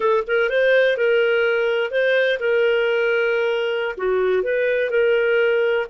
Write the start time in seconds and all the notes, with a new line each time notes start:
0.00 A4
0.27 A#4
0.49 C5
0.97 A#4
1.90 C5
2.39 A#4
3.97 F#4
4.42 B4
4.90 A#4